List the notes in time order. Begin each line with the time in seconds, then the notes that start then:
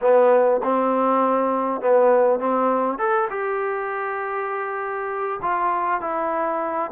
0.01 B3
0.63 C4
1.81 B3
2.39 C4
2.98 A4
3.30 G4
5.42 F4
6.01 E4